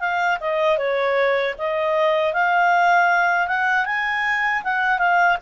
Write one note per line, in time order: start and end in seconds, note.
0.00 0.38 F5
0.40 0.78 D#5
0.78 1.55 C#5
1.58 2.34 D#5
2.34 3.48 F5
3.48 3.86 F#5
3.86 4.63 G#5
4.64 4.99 F#5
4.99 5.37 F5